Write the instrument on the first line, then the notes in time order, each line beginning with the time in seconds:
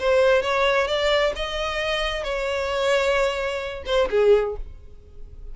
violin
0.00 C5
0.42 C#5
0.88 D5
1.36 D#5
2.24 C#5
3.86 C5
4.11 G#4